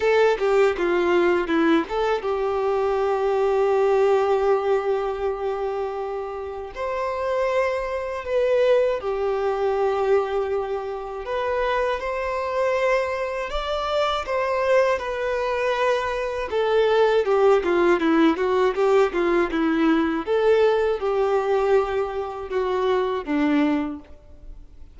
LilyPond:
\new Staff \with { instrumentName = "violin" } { \time 4/4 \tempo 4 = 80 a'8 g'8 f'4 e'8 a'8 g'4~ | g'1~ | g'4 c''2 b'4 | g'2. b'4 |
c''2 d''4 c''4 | b'2 a'4 g'8 f'8 | e'8 fis'8 g'8 f'8 e'4 a'4 | g'2 fis'4 d'4 | }